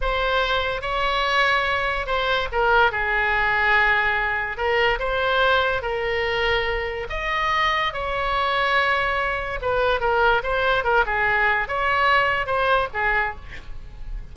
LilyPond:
\new Staff \with { instrumentName = "oboe" } { \time 4/4 \tempo 4 = 144 c''2 cis''2~ | cis''4 c''4 ais'4 gis'4~ | gis'2. ais'4 | c''2 ais'2~ |
ais'4 dis''2 cis''4~ | cis''2. b'4 | ais'4 c''4 ais'8 gis'4. | cis''2 c''4 gis'4 | }